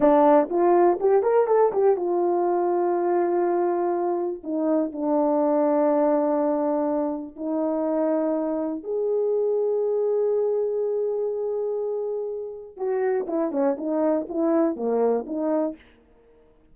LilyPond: \new Staff \with { instrumentName = "horn" } { \time 4/4 \tempo 4 = 122 d'4 f'4 g'8 ais'8 a'8 g'8 | f'1~ | f'4 dis'4 d'2~ | d'2. dis'4~ |
dis'2 gis'2~ | gis'1~ | gis'2 fis'4 e'8 cis'8 | dis'4 e'4 ais4 dis'4 | }